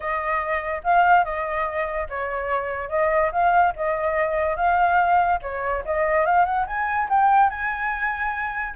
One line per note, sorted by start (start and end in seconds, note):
0.00 0.82 D#5
0.83 1.24 F5
1.24 2.07 D#5
2.09 2.89 C#5
2.89 3.30 D#5
3.32 3.73 F5
3.75 4.56 D#5
4.56 5.39 F5
5.42 5.83 C#5
5.85 6.25 D#5
6.25 6.45 F5
6.45 6.66 F#5
6.66 7.08 G#5
7.09 7.49 G5
7.49 8.74 G#5